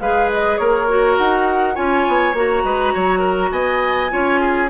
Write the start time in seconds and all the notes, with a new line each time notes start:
0.00 G#3 G#4 B4 F5
0.33 D#5
0.58 A#3 A#4 C#5
0.89 F#4
1.18 D#4 F#5
1.75 C#4 F4 C#5 G#5
2.08 B3
2.34 A#3 F#4 A#5
2.64 G#3 B4
2.94 F#3 C#5
3.20 A#4
3.52 B3 D#5 G#5
4.10 C#4 F4 C#5
4.41 G#4